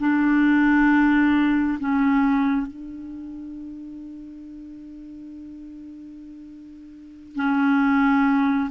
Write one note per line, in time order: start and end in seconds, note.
0.00 1.79 D4
1.80 2.67 C#4
2.67 7.36 D4
7.36 8.70 C#4